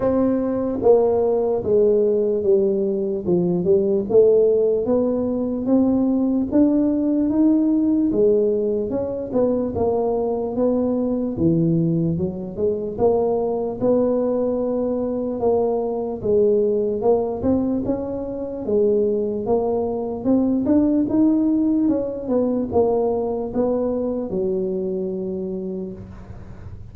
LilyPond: \new Staff \with { instrumentName = "tuba" } { \time 4/4 \tempo 4 = 74 c'4 ais4 gis4 g4 | f8 g8 a4 b4 c'4 | d'4 dis'4 gis4 cis'8 b8 | ais4 b4 e4 fis8 gis8 |
ais4 b2 ais4 | gis4 ais8 c'8 cis'4 gis4 | ais4 c'8 d'8 dis'4 cis'8 b8 | ais4 b4 fis2 | }